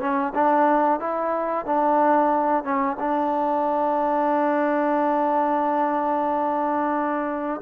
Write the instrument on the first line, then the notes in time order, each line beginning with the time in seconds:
trombone
0.00 C#4
0.34 D4
1.00 E4
1.66 D4
2.64 C#4
2.99 D4